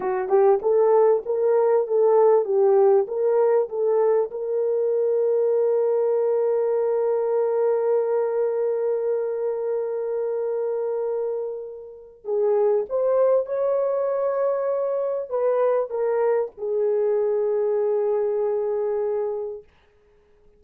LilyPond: \new Staff \with { instrumentName = "horn" } { \time 4/4 \tempo 4 = 98 fis'8 g'8 a'4 ais'4 a'4 | g'4 ais'4 a'4 ais'4~ | ais'1~ | ais'1~ |
ais'1 | gis'4 c''4 cis''2~ | cis''4 b'4 ais'4 gis'4~ | gis'1 | }